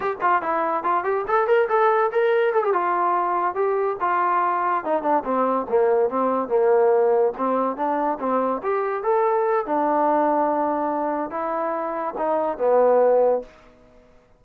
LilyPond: \new Staff \with { instrumentName = "trombone" } { \time 4/4 \tempo 4 = 143 g'8 f'8 e'4 f'8 g'8 a'8 ais'8 | a'4 ais'4 a'16 g'16 f'4.~ | f'8 g'4 f'2 dis'8 | d'8 c'4 ais4 c'4 ais8~ |
ais4. c'4 d'4 c'8~ | c'8 g'4 a'4. d'4~ | d'2. e'4~ | e'4 dis'4 b2 | }